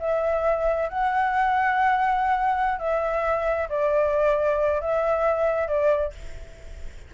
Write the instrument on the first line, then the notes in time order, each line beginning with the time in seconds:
flute
0.00 E5
0.90 F#5
2.79 E5
3.70 D5
4.81 E5
5.68 D5